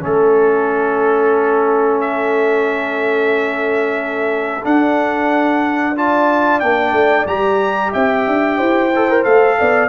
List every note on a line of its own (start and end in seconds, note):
0.00 4.65 A3
0.00 4.62 C#4
0.00 2.01 A4
0.06 5.97 A4
2.01 4.65 E5
4.64 5.96 D4
4.64 6.63 D4
4.64 5.97 F#5
5.96 6.62 F4
5.96 7.92 D5
5.96 6.60 A5
6.60 6.93 A#3
6.60 7.27 D4
6.60 7.26 G5
6.93 7.26 A3
7.27 7.93 G3
7.27 8.92 G4
7.27 7.93 A#5
7.92 8.28 C4
7.92 8.58 E5
7.92 9.24 G5
8.28 8.60 D4
8.58 9.26 E4
8.58 9.57 C5
8.96 9.10 A4
9.10 9.25 A#4
9.24 9.60 A3
9.24 9.89 A4
9.24 9.89 F5
9.59 9.89 B3
9.59 9.89 D5